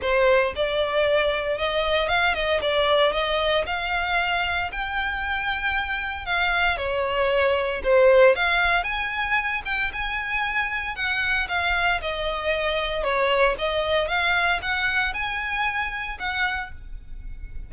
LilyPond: \new Staff \with { instrumentName = "violin" } { \time 4/4 \tempo 4 = 115 c''4 d''2 dis''4 | f''8 dis''8 d''4 dis''4 f''4~ | f''4 g''2. | f''4 cis''2 c''4 |
f''4 gis''4. g''8 gis''4~ | gis''4 fis''4 f''4 dis''4~ | dis''4 cis''4 dis''4 f''4 | fis''4 gis''2 fis''4 | }